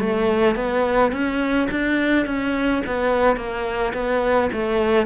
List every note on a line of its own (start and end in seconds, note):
0.00 0.56 A3
0.56 1.13 B3
1.13 1.69 C#4
1.71 2.26 D4
2.26 2.83 C#4
2.87 3.37 B3
3.37 3.94 A#3
3.94 4.51 B3
4.53 5.07 A3